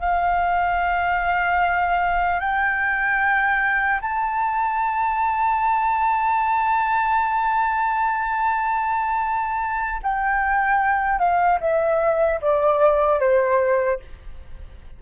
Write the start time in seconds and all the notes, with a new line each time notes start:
0.00 F5
2.40 G5
4.01 A5
10.03 G5
11.19 F5
11.60 E5
12.41 D5
13.19 C5